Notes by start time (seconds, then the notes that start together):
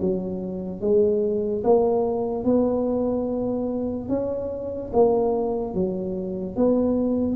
0.00 F#3
0.81 G#3
1.64 A#3
2.44 B3
4.08 C#4
4.93 A#3
5.74 F#3
6.56 B3